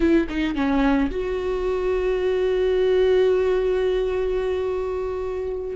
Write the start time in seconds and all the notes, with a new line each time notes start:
0.00 E4
0.29 D#4
0.55 C#4
1.11 F#4